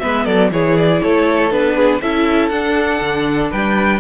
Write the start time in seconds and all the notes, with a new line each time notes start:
0.00 G#3 B3 B4 E5
0.25 F#3 A4 D5
0.51 E3 E4 G#4 C#5
0.78 D5
1.03 A3 A4 C#5
1.51 B3 D4 B4
1.76 G#4
2.01 C#4 E4 A4 E5
2.49 D4 F#5
3.01 D3
3.51 G3 B4 G5